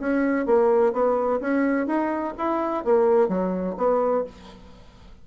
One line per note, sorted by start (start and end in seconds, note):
0.00 0.46 C#4
0.46 0.93 A#3
0.93 1.40 B3
1.41 1.87 C#4
1.87 2.34 D#4
2.38 2.85 E4
2.85 3.29 A#3
3.29 3.76 F#3
3.78 4.25 B3